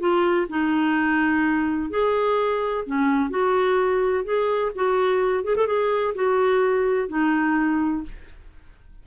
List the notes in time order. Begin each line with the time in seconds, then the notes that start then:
0.00 F4
0.50 D#4
1.90 G#4
2.86 C#4
3.30 F#4
4.25 G#4
4.76 F#4
5.44 G#4
5.56 A4
5.67 G#4
6.15 F#4
7.09 D#4